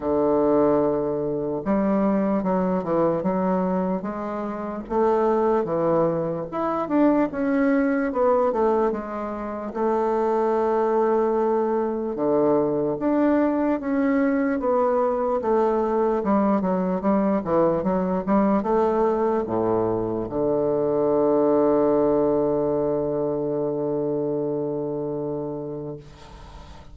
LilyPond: \new Staff \with { instrumentName = "bassoon" } { \time 4/4 \tempo 4 = 74 d2 g4 fis8 e8 | fis4 gis4 a4 e4 | e'8 d'8 cis'4 b8 a8 gis4 | a2. d4 |
d'4 cis'4 b4 a4 | g8 fis8 g8 e8 fis8 g8 a4 | a,4 d2.~ | d1 | }